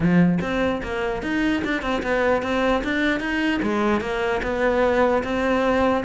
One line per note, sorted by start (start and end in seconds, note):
0.00 0.38 F3
0.41 0.81 C4
0.83 1.22 A#3
1.22 1.62 D#4
1.64 1.81 D4
1.81 2.02 C4
2.02 2.42 B3
2.42 2.82 C4
2.84 3.20 D4
3.20 3.60 D#4
3.62 4.01 G#3
4.01 4.41 A#3
4.42 5.23 B3
5.23 6.04 C4